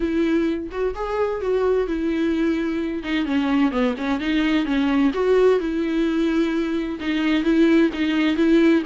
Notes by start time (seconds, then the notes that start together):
0.00 E4
0.71 F#4
0.95 G#4
1.41 F#4
1.87 E4
3.03 D#4
3.25 C#4
3.71 B3
3.97 C#4
4.20 D#4
4.65 C#4
5.13 F#4
5.59 E4
7.00 D#4
7.43 E4
7.93 D#4
8.36 E4